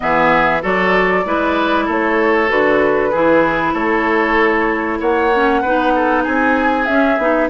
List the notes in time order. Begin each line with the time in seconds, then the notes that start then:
0.00 E3 B3 G#4 E5
0.61 F#3 F#4 A4 D5
1.25 G#3 E4 B4
1.85 A3 A4 C#5
2.48 D3 F#4 B4
3.11 E3 E4 G#4
3.73 A3 A4 C#5
4.99 A#3 C#5 F#5
5.33 C#4
5.61 B3 D#4 B4
5.95 A4
6.23 C4 G#4 G#5
6.85 C#4 E5
7.18 B3 D#4